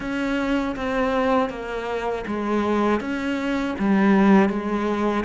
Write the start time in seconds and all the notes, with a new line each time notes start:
0.00 C#4
0.76 C4
1.49 A#3
2.26 G#3
3.00 C#4
3.78 G3
4.49 G#3